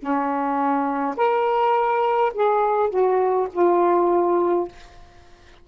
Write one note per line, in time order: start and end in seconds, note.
0.00 1.15 C#4
1.17 2.33 A#4
2.34 2.91 G#4
2.91 3.48 F#4
3.53 4.68 F4